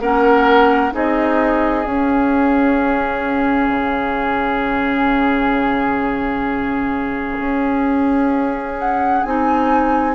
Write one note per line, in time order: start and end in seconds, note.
0.00 0.92 A#3
0.00 0.91 C#4
0.00 0.93 A#4
0.00 0.93 F#5
0.91 1.86 C4
0.91 1.83 D#4
0.91 10.14 G#4
0.91 1.85 D#5
1.85 3.68 C#4
1.85 9.26 C#4
1.85 8.77 F5
3.68 7.38 C#3
7.38 9.23 C#4
8.78 9.23 F#5
9.23 10.14 C4
9.23 10.14 D#4
9.23 10.14 G#5